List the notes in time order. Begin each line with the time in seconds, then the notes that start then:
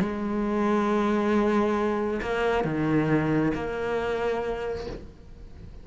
0.00 G#3
2.22 A#3
2.64 D#3
3.54 A#3